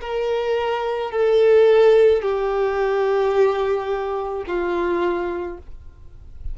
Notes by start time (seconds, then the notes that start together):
0.00 A#4
1.11 A4
2.22 G4
4.46 F4